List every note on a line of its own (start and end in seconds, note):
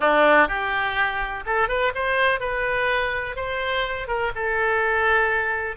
0.00 0.48 D4
0.48 1.44 G4
1.46 1.68 A4
1.68 1.92 B4
1.94 2.40 C5
2.40 3.36 B4
3.36 4.07 C5
4.07 4.31 A#4
4.35 5.76 A4